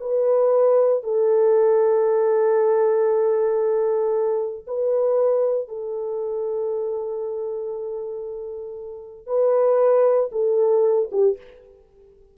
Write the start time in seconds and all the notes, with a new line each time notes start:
0.00 B4
1.03 A4
4.67 B4
5.68 A4
9.26 B4
10.32 A4
11.12 G4